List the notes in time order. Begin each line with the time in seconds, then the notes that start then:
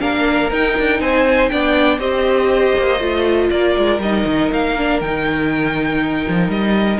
0.00 A#3 D4 A#4 F5
0.51 D#4 G5
0.79 D4
1.00 C4 C5 G#5
1.49 B3 D4 D5 G5
1.98 C4 G4 C5 D#5
2.78 A#3
3.00 A3 F4
3.50 A#3 A#4 D5
3.78 G#3
3.99 G3 D#4 D#5
4.26 D#3
4.52 A#3 F5
4.78 D4
5.01 D#3 D#4 G5
6.29 F3
6.48 G3 D#5